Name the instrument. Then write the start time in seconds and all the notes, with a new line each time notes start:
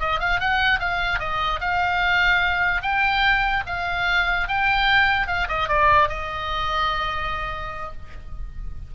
oboe
0.00 D#5
0.20 F5
0.40 F#5
0.80 F5
1.20 D#5
1.61 F5
2.82 G5
3.67 F5
4.48 G5
5.28 F5
5.49 D#5
5.69 D5
6.09 D#5